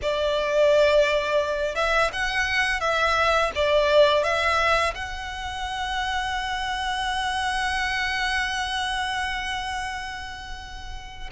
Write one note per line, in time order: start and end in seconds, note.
0.02 1.75 D5
1.75 2.10 E5
2.12 2.80 F#5
2.80 3.51 E5
3.55 4.23 D5
4.23 4.94 E5
4.94 11.29 F#5